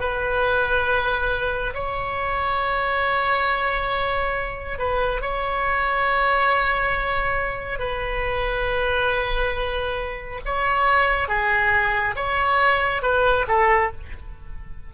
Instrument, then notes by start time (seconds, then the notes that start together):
oboe
0.00 B4
1.74 C#5
4.79 B4
5.22 C#5
7.79 B4
10.45 C#5
11.28 G#4
12.16 C#5
13.02 B4
13.48 A4